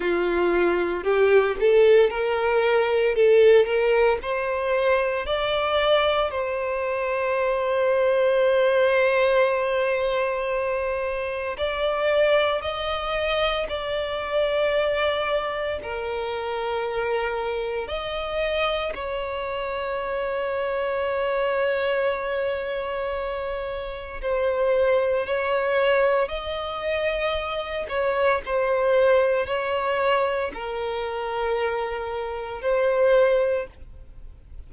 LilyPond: \new Staff \with { instrumentName = "violin" } { \time 4/4 \tempo 4 = 57 f'4 g'8 a'8 ais'4 a'8 ais'8 | c''4 d''4 c''2~ | c''2. d''4 | dis''4 d''2 ais'4~ |
ais'4 dis''4 cis''2~ | cis''2. c''4 | cis''4 dis''4. cis''8 c''4 | cis''4 ais'2 c''4 | }